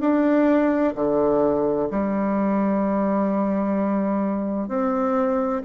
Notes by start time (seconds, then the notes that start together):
0.00 D4
0.95 D3
1.90 G3
4.68 C4